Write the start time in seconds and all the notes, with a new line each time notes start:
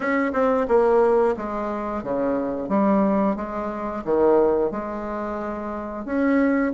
0.00 C#4
0.32 C4
0.67 A#3
1.36 G#3
2.03 C#3
2.68 G3
3.36 G#3
4.04 D#3
4.71 G#3
6.05 C#4